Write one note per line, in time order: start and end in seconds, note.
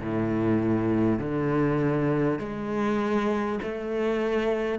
0.00 1.19 A2
1.19 2.39 D3
2.39 3.59 G#3
3.62 4.79 A3